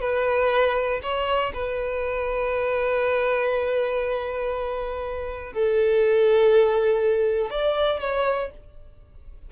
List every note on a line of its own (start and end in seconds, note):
0.00 1.00 B4
1.02 1.52 C#5
1.53 5.53 B4
5.53 7.50 A4
7.50 8.00 D5
8.00 8.50 C#5